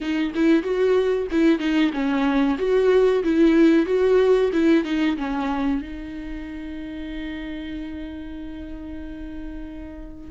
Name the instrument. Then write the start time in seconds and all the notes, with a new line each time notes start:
viola
0.00 D#4
0.34 E4
0.62 F#4
1.31 E4
1.59 D#4
1.93 C#4
2.58 F#4
3.23 E4
3.86 F#4
4.52 E4
4.84 D#4
5.17 C#4
5.81 D#4